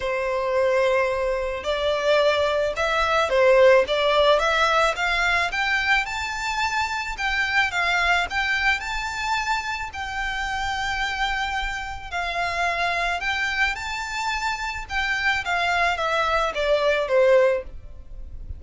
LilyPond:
\new Staff \with { instrumentName = "violin" } { \time 4/4 \tempo 4 = 109 c''2. d''4~ | d''4 e''4 c''4 d''4 | e''4 f''4 g''4 a''4~ | a''4 g''4 f''4 g''4 |
a''2 g''2~ | g''2 f''2 | g''4 a''2 g''4 | f''4 e''4 d''4 c''4 | }